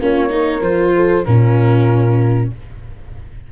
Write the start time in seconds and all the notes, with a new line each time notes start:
0.00 A#3 C#4 F4 C#5
0.29 D#4 A#4
0.61 F3 F4 C5
0.95 A4
1.25 A#2 C#4 F4 A#4